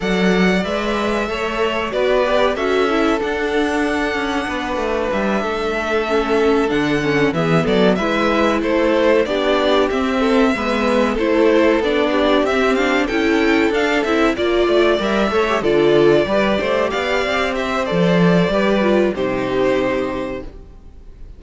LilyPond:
<<
  \new Staff \with { instrumentName = "violin" } { \time 4/4 \tempo 4 = 94 fis''4 e''2 d''4 | e''4 fis''2. | e''2~ e''8 fis''4 e''8 | d''8 e''4 c''4 d''4 e''8~ |
e''4. c''4 d''4 e''8 | f''8 g''4 f''8 e''8 d''4 e''8~ | e''8 d''2 f''4 e''8 | d''2 c''2 | }
  \new Staff \with { instrumentName = "violin" } { \time 4/4 d''2 cis''4 b'4 | a'2. b'4~ | b'8 a'2. gis'8 | a'8 b'4 a'4 g'4. |
a'8 b'4 a'4. g'4~ | g'8 a'2 d''4. | cis''8 a'4 b'8 c''8 d''4 c''8~ | c''4 b'4 g'2 | }
  \new Staff \with { instrumentName = "viola" } { \time 4/4 a'4 b'4 a'4 fis'8 g'8 | fis'8 e'8 d'2.~ | d'4. cis'4 d'8 cis'8 b8~ | b8 e'2 d'4 c'8~ |
c'8 b4 e'4 d'4 c'8 | d'8 e'4 d'8 e'8 f'4 ais'8 | a'16 g'16 f'4 g'2~ g'8 | a'4 g'8 f'8 dis'2 | }
  \new Staff \with { instrumentName = "cello" } { \time 4/4 fis4 gis4 a4 b4 | cis'4 d'4. cis'8 b8 a8 | g8 a2 d4 e8 | fis8 gis4 a4 b4 c'8~ |
c'8 gis4 a4 b4 c'8~ | c'8 cis'4 d'8 c'8 ais8 a8 g8 | a8 d4 g8 a8 b8 c'4 | f4 g4 c2 | }
>>